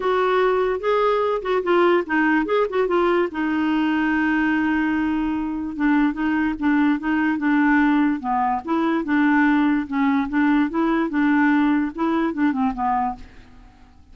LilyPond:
\new Staff \with { instrumentName = "clarinet" } { \time 4/4 \tempo 4 = 146 fis'2 gis'4. fis'8 | f'4 dis'4 gis'8 fis'8 f'4 | dis'1~ | dis'2 d'4 dis'4 |
d'4 dis'4 d'2 | b4 e'4 d'2 | cis'4 d'4 e'4 d'4~ | d'4 e'4 d'8 c'8 b4 | }